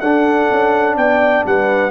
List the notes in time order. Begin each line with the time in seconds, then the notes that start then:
0.00 D4 A4 F#5
0.51 C#4
0.97 B3 D5 G5
1.46 G3 B4 F#5